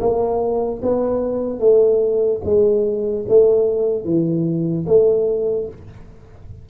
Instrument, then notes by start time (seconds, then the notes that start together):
tuba
0.00 A#3
0.82 B3
1.60 A3
2.44 G#3
3.28 A3
4.05 E3
4.87 A3